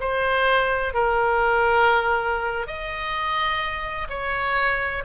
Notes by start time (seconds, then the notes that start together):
0.00 C5
0.94 A#4
2.67 D#5
4.09 C#5